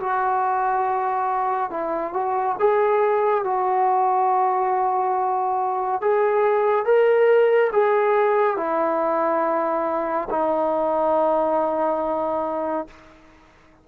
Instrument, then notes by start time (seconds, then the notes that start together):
trombone
0.00 F#4
1.71 E4
2.14 F#4
2.59 G#4
3.44 F#4
6.02 G#4
6.86 A#4
7.73 G#4
8.57 E4
10.31 D#4